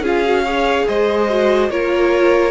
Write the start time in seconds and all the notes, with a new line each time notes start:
0.00 C#4 F4 G#4
0.07 F5
0.25 F#4
0.44 G#4 C#5
0.88 G#3 C5 D#5
1.29 F#4
1.70 A#3 F4 A#4 C#5